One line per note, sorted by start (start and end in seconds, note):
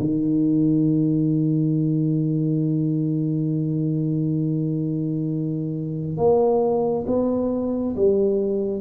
0.00 6.18 D#3
6.18 7.06 A#3
7.07 7.95 B3
7.96 8.82 G3